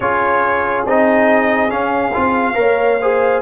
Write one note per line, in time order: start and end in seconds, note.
0.00 0.85 C#4
0.00 0.86 F4
0.00 2.56 G#4
0.00 0.83 C#5
0.85 1.70 C4
0.85 1.69 D#4
0.85 1.70 D#5
1.69 2.12 C#4
1.69 2.13 C#4
1.69 3.41 F5
2.13 2.56 C4
2.13 2.54 F4
2.54 3.41 A#3
2.54 2.97 A#4
2.54 3.00 C#5
3.01 3.41 G#4
3.01 3.41 C5